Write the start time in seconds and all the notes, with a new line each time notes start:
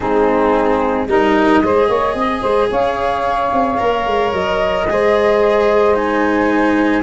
0.00 G#3 C4 D#4 G#4
1.07 G3 D#4 A#4 D#5
1.62 G#3 G#4 C5
1.88 A#3 C#5
2.14 C4 D#5
2.41 G#3 C5
2.70 C#4 C#5 F5
3.52 C4
3.77 A#3 A#4
4.06 G#3
4.32 F#3 D#5
4.87 G#3 G#4 C5
5.94 D#4 G#5